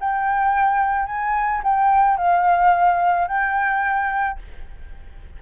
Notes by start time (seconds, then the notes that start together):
0.00 G5
1.06 G#5
1.63 G5
2.17 F5
3.28 G5